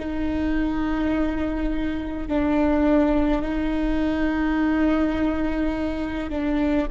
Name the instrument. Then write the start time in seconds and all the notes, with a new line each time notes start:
viola
0.00 D#4
2.28 D4
3.42 D#4
6.30 D4